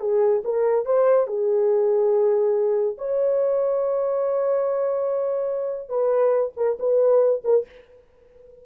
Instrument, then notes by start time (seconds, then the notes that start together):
horn
0.00 G#4
0.44 A#4
0.85 C5
1.27 G#4
2.98 C#5
5.89 B4
6.56 A#4
6.79 B4
7.44 A#4